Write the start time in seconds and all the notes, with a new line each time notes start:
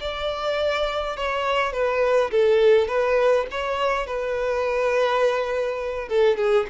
0.00 D5
1.17 C#5
1.72 B4
2.31 A4
2.88 B4
3.51 C#5
4.06 B4
6.08 A4
6.37 G#4